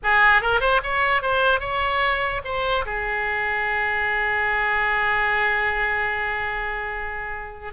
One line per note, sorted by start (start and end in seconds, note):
0.03 0.41 G#4
0.41 0.60 A#4
0.60 0.80 C5
0.83 1.22 C#5
1.22 1.60 C5
1.60 2.41 C#5
2.44 2.85 C5
2.85 7.73 G#4